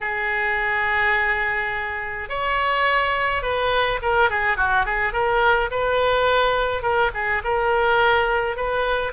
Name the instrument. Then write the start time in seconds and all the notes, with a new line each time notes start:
oboe
0.00 G#4
2.29 C#5
3.42 B4
4.02 A#4
4.30 G#4
4.57 F#4
4.85 G#4
5.12 A#4
5.70 B4
6.82 A#4
7.14 G#4
7.43 A#4
8.56 B4